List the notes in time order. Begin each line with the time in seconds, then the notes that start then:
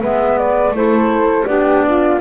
0.00 G#3 B3 B4 E5
0.38 D5
0.71 A3 E4 A4 C5
1.46 B3 D4 G4 D5
1.88 F4